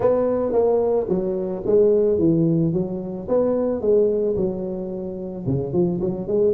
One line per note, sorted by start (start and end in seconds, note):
0.00 0.52 B3
0.52 1.07 A#3
1.08 1.63 F#3
1.65 2.18 G#3
2.18 2.72 E3
2.72 3.27 F#3
3.28 3.81 B3
3.81 4.35 G#3
4.36 5.45 F#3
5.46 5.72 C#3
5.72 6.00 F3
6.00 6.27 F#3
6.27 6.53 G#3